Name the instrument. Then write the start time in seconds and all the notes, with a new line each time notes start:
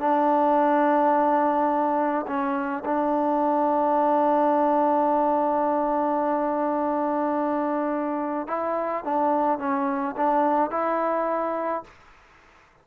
trombone
0.00 D4
2.27 C#4
2.85 D4
8.48 E4
9.04 D4
9.59 C#4
10.17 D4
10.71 E4